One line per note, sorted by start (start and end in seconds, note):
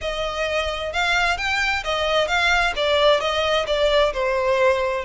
0.01 0.92 D#5
0.93 1.37 F5
1.37 1.83 G5
1.84 2.27 D#5
2.27 2.73 F5
2.76 3.20 D5
3.20 3.66 D#5
3.66 4.12 D5
4.13 5.04 C5